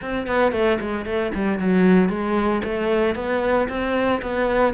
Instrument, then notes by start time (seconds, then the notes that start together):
cello
0.01 C4
0.26 B3
0.52 A3
0.80 G#3
1.05 A3
1.34 G3
1.58 F#3
2.09 G#3
2.63 A3
3.15 B3
3.68 C4
4.22 B3